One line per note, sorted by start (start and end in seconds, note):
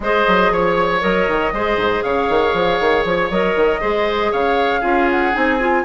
0.00 0.25 G#3
0.00 1.00 G#4
0.00 0.52 C5
0.00 0.53 D#5
0.27 0.51 F#3
0.51 1.01 F3
0.51 1.53 C#5
0.51 1.02 C#5
1.00 1.27 F#3
1.00 1.51 A#4
1.00 2.02 D#5
1.27 1.52 D#3
1.52 1.77 G#3
1.52 3.32 G#4
1.52 2.04 C5
1.77 2.02 G#2
2.02 2.29 C#3
2.02 3.80 C#5
2.02 3.04 F5
2.29 2.53 D#3
2.53 2.79 F3
2.80 3.05 D#3
3.05 3.30 F3
3.05 3.31 C#5
3.30 3.55 F#3
3.30 3.81 A#4
3.30 4.33 D#5
3.55 3.81 D#3
3.80 4.32 G#3
3.80 4.81 G#4
3.80 4.31 C5
4.31 4.83 C#3
4.31 4.80 C#5
4.31 5.09 F5
4.80 5.33 C#4
4.80 5.32 F4
4.80 5.82 G#4
5.10 5.34 F#5
5.32 5.84 C4
5.32 5.58 D#4
5.32 5.84 G#5
5.59 5.84 F4